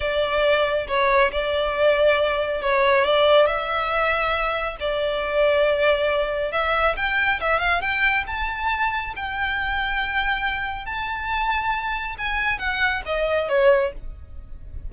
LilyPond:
\new Staff \with { instrumentName = "violin" } { \time 4/4 \tempo 4 = 138 d''2 cis''4 d''4~ | d''2 cis''4 d''4 | e''2. d''4~ | d''2. e''4 |
g''4 e''8 f''8 g''4 a''4~ | a''4 g''2.~ | g''4 a''2. | gis''4 fis''4 dis''4 cis''4 | }